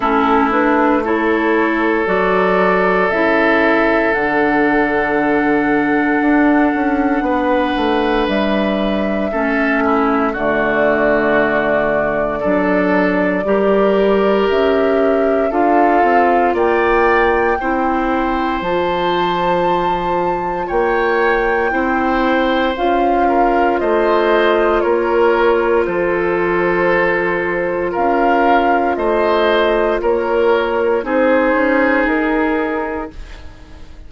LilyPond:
<<
  \new Staff \with { instrumentName = "flute" } { \time 4/4 \tempo 4 = 58 a'8 b'8 cis''4 d''4 e''4 | fis''1 | e''2 d''2~ | d''2 e''4 f''4 |
g''2 a''2 | g''2 f''4 dis''4 | cis''4 c''2 f''4 | dis''4 cis''4 c''4 ais'4 | }
  \new Staff \with { instrumentName = "oboe" } { \time 4/4 e'4 a'2.~ | a'2. b'4~ | b'4 a'8 e'8 fis'2 | a'4 ais'2 a'4 |
d''4 c''2. | cis''4 c''4. ais'8 c''4 | ais'4 a'2 ais'4 | c''4 ais'4 gis'2 | }
  \new Staff \with { instrumentName = "clarinet" } { \time 4/4 cis'8 d'8 e'4 fis'4 e'4 | d'1~ | d'4 cis'4 a2 | d'4 g'2 f'4~ |
f'4 e'4 f'2~ | f'4 e'4 f'2~ | f'1~ | f'2 dis'2 | }
  \new Staff \with { instrumentName = "bassoon" } { \time 4/4 a2 fis4 cis4 | d2 d'8 cis'8 b8 a8 | g4 a4 d2 | fis4 g4 cis'4 d'8 c'8 |
ais4 c'4 f2 | ais4 c'4 cis'4 a4 | ais4 f2 cis'4 | a4 ais4 c'8 cis'8 dis'4 | }
>>